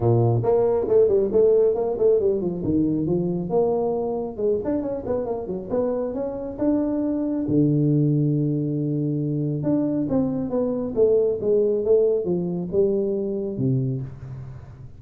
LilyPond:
\new Staff \with { instrumentName = "tuba" } { \time 4/4 \tempo 4 = 137 ais,4 ais4 a8 g8 a4 | ais8 a8 g8 f8 dis4 f4 | ais2 gis8 d'8 cis'8 b8 | ais8 fis8 b4 cis'4 d'4~ |
d'4 d2.~ | d2 d'4 c'4 | b4 a4 gis4 a4 | f4 g2 c4 | }